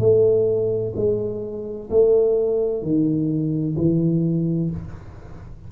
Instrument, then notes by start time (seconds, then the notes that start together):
tuba
0.00 A3
0.96 G#3
1.90 A3
2.83 D#3
3.77 E3